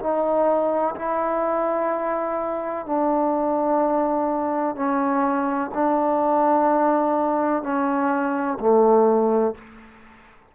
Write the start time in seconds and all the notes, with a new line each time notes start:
0.00 D#4
0.96 E4
2.87 D4
4.76 C#4
5.74 D4
7.63 C#4
8.60 A3